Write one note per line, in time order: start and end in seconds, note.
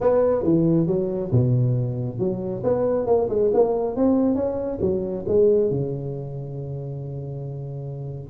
0.00 0.43 B3
0.43 0.87 E3
0.87 1.30 F#3
1.31 2.18 B2
2.18 2.62 F#3
2.63 3.06 B3
3.06 3.28 A#3
3.29 3.51 G#3
3.53 3.95 A#3
3.95 4.35 C4
4.35 4.79 C#4
4.81 5.25 F#3
5.27 5.70 G#3
5.70 8.30 C#3